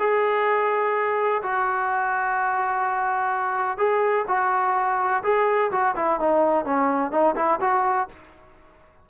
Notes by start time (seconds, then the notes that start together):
0.00 G#4
1.43 F#4
3.78 G#4
4.28 F#4
5.24 G#4
5.72 F#4
5.97 E4
6.20 D#4
6.66 C#4
7.12 D#4
7.36 E4
7.61 F#4